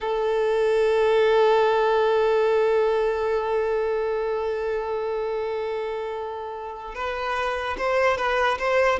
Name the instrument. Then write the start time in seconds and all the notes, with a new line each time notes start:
violin
0.00 A4
6.95 B4
7.77 C5
8.17 B4
8.58 C5